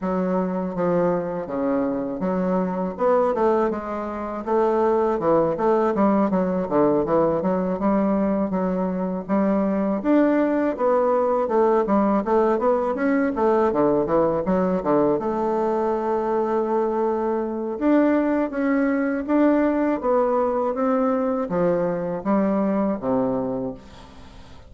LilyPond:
\new Staff \with { instrumentName = "bassoon" } { \time 4/4 \tempo 4 = 81 fis4 f4 cis4 fis4 | b8 a8 gis4 a4 e8 a8 | g8 fis8 d8 e8 fis8 g4 fis8~ | fis8 g4 d'4 b4 a8 |
g8 a8 b8 cis'8 a8 d8 e8 fis8 | d8 a2.~ a8 | d'4 cis'4 d'4 b4 | c'4 f4 g4 c4 | }